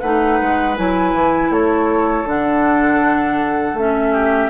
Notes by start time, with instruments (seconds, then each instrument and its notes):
0.00 bassoon A3, clarinet D#4, oboe B4, flute F#5
0.41 bassoon G#3
0.76 bassoon F#3, clarinet E4, flute G#5
1.14 bassoon E3
1.50 bassoon A3, oboe A4, flute C#5
2.25 bassoon D3, clarinet D4, flute F#5
3.73 bassoon A3, clarinet C#4, flute E5
4.12 oboe G4